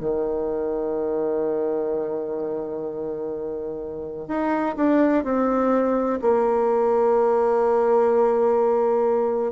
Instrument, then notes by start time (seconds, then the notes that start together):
bassoon
0.00 D#3
4.29 D#4
4.77 D4
5.25 C4
6.22 A#3